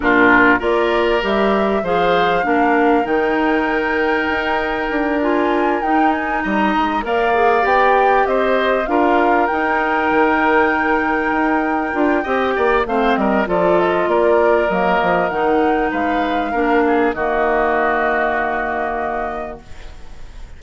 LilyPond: <<
  \new Staff \with { instrumentName = "flute" } { \time 4/4 \tempo 4 = 98 ais'4 d''4 e''4 f''4~ | f''4 g''2.~ | g''8 gis''4 g''8 gis''8 ais''4 f''8~ | f''8 g''4 dis''4 f''4 g''8~ |
g''1~ | g''4 f''8 dis''8 d''8 dis''8 d''4 | dis''4 fis''4 f''2 | dis''1 | }
  \new Staff \with { instrumentName = "oboe" } { \time 4/4 f'4 ais'2 c''4 | ais'1~ | ais'2~ ais'8 dis''4 d''8~ | d''4. c''4 ais'4.~ |
ais'1 | dis''8 d''8 c''8 ais'8 a'4 ais'4~ | ais'2 b'4 ais'8 gis'8 | fis'1 | }
  \new Staff \with { instrumentName = "clarinet" } { \time 4/4 d'4 f'4 g'4 gis'4 | d'4 dis'2.~ | dis'8 f'4 dis'2 ais'8 | gis'8 g'2 f'4 dis'8~ |
dis'2.~ dis'8 f'8 | g'4 c'4 f'2 | ais4 dis'2 d'4 | ais1 | }
  \new Staff \with { instrumentName = "bassoon" } { \time 4/4 ais,4 ais4 g4 f4 | ais4 dis2 dis'4 | d'4. dis'4 g8 gis8 ais8~ | ais8 b4 c'4 d'4 dis'8~ |
dis'8 dis2 dis'4 d'8 | c'8 ais8 a8 g8 f4 ais4 | fis8 f8 dis4 gis4 ais4 | dis1 | }
>>